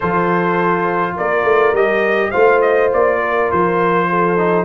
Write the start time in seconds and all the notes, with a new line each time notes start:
0.00 F3 F4 A4 C5
1.15 A#3 A#4 D5
1.43 A3
1.72 G3 G4 D#5
2.30 A3 F4 C5 F5
2.61 D#5
2.93 A#3 D5
3.21 A#4
3.51 F3 C5
4.09 A4
4.37 D#4